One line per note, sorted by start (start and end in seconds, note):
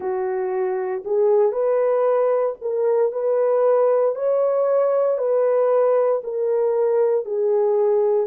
0.00 1.03 F#4
1.04 1.52 G#4
1.52 2.55 B4
2.61 3.11 A#4
3.11 4.15 B4
4.15 5.18 C#5
5.18 6.21 B4
6.24 7.25 A#4
7.25 8.26 G#4